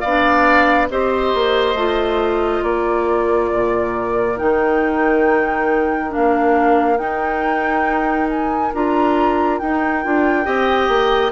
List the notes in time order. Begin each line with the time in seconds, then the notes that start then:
0.00 B3 D4 D5 F5
0.90 C4 G4 C5 D#5
1.34 A#3
1.74 A3 F4
2.63 A#3 A#4 D5
3.53 A#2
4.37 D#3 D#4 G5
6.09 D4 F5
6.16 A#3
6.97 D#4 G5
8.29 G#5
8.74 D4 F4 A#5
9.59 D#4 G5
10.04 D4 F4
10.44 C4 G4 D#5
10.88 A#3